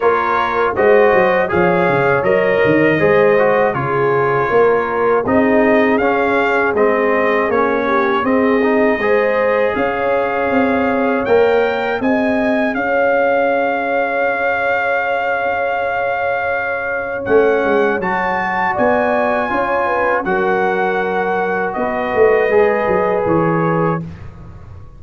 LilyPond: <<
  \new Staff \with { instrumentName = "trumpet" } { \time 4/4 \tempo 4 = 80 cis''4 dis''4 f''4 dis''4~ | dis''4 cis''2 dis''4 | f''4 dis''4 cis''4 dis''4~ | dis''4 f''2 g''4 |
gis''4 f''2.~ | f''2. fis''4 | a''4 gis''2 fis''4~ | fis''4 dis''2 cis''4 | }
  \new Staff \with { instrumentName = "horn" } { \time 4/4 ais'4 c''4 cis''2 | c''4 gis'4 ais'4 gis'4~ | gis'2~ gis'8 g'8 gis'4 | c''4 cis''2. |
dis''4 cis''2.~ | cis''1~ | cis''4 d''4 cis''8 b'8 ais'4~ | ais'4 b'2. | }
  \new Staff \with { instrumentName = "trombone" } { \time 4/4 f'4 fis'4 gis'4 ais'4 | gis'8 fis'8 f'2 dis'4 | cis'4 c'4 cis'4 c'8 dis'8 | gis'2. ais'4 |
gis'1~ | gis'2. cis'4 | fis'2 f'4 fis'4~ | fis'2 gis'2 | }
  \new Staff \with { instrumentName = "tuba" } { \time 4/4 ais4 gis8 fis8 f8 cis8 fis8 dis8 | gis4 cis4 ais4 c'4 | cis'4 gis4 ais4 c'4 | gis4 cis'4 c'4 ais4 |
c'4 cis'2.~ | cis'2. a8 gis8 | fis4 b4 cis'4 fis4~ | fis4 b8 a8 gis8 fis8 e4 | }
>>